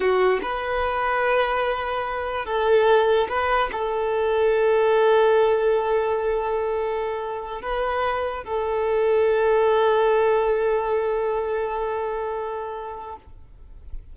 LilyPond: \new Staff \with { instrumentName = "violin" } { \time 4/4 \tempo 4 = 146 fis'4 b'2.~ | b'2 a'2 | b'4 a'2.~ | a'1~ |
a'2~ a'8 b'4.~ | b'8 a'2.~ a'8~ | a'1~ | a'1 | }